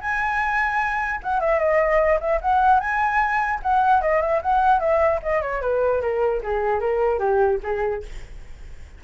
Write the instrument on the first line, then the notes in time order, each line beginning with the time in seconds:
flute
0.00 G#5
1.23 F#5
1.40 E5
1.59 D#5
2.20 E5
2.41 F#5
2.79 G#5
3.62 F#5
4.01 D#5
4.21 E5
4.42 F#5
4.80 E5
5.22 D#5
5.41 C#5
5.61 B4
6.01 A#4
6.43 G#4
6.80 A#4
7.19 G4
7.63 G#4